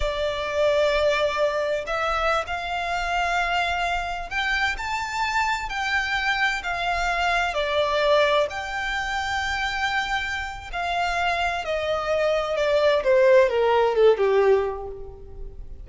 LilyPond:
\new Staff \with { instrumentName = "violin" } { \time 4/4 \tempo 4 = 129 d''1 | e''4~ e''16 f''2~ f''8.~ | f''4~ f''16 g''4 a''4.~ a''16~ | a''16 g''2 f''4.~ f''16~ |
f''16 d''2 g''4.~ g''16~ | g''2. f''4~ | f''4 dis''2 d''4 | c''4 ais'4 a'8 g'4. | }